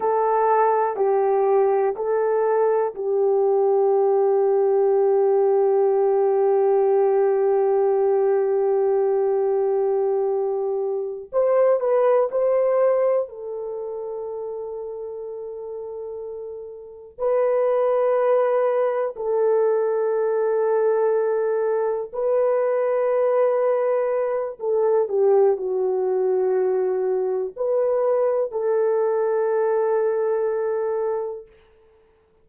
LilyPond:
\new Staff \with { instrumentName = "horn" } { \time 4/4 \tempo 4 = 61 a'4 g'4 a'4 g'4~ | g'1~ | g'2.~ g'8 c''8 | b'8 c''4 a'2~ a'8~ |
a'4. b'2 a'8~ | a'2~ a'8 b'4.~ | b'4 a'8 g'8 fis'2 | b'4 a'2. | }